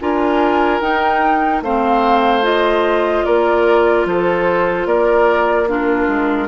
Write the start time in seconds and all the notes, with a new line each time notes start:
0.00 D4 F4 A#4 G#5
0.81 D#4 G5
1.62 A3 C4 C5 F5
2.43 F4 D#5
3.25 A#3 A#4 D5
4.06 F3 A4 C5
4.86 A#3 A#4 D5
5.68 D4 F4 A#4
6.08 G#3